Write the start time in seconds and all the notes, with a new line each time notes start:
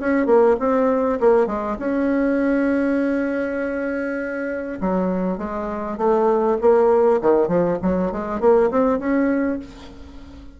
0.00 C#4
0.26 A#3
0.59 C4
1.20 A#3
1.46 G#3
1.79 C#4
4.81 F#3
5.38 G#3
5.97 A3
6.61 A#3
7.21 D#3
7.48 F3
7.82 F#3
8.12 G#3
8.40 A#3
8.70 C4
8.99 C#4